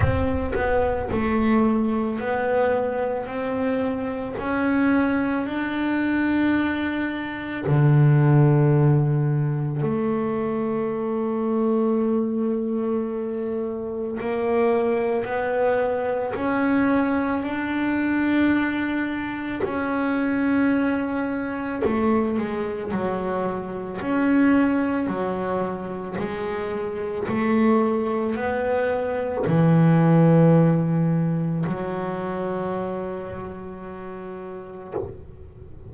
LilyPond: \new Staff \with { instrumentName = "double bass" } { \time 4/4 \tempo 4 = 55 c'8 b8 a4 b4 c'4 | cis'4 d'2 d4~ | d4 a2.~ | a4 ais4 b4 cis'4 |
d'2 cis'2 | a8 gis8 fis4 cis'4 fis4 | gis4 a4 b4 e4~ | e4 fis2. | }